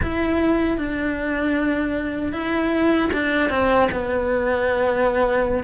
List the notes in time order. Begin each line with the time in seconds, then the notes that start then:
0.02 E4
0.77 D4
2.32 E4
3.12 D4
3.49 C4
3.91 B3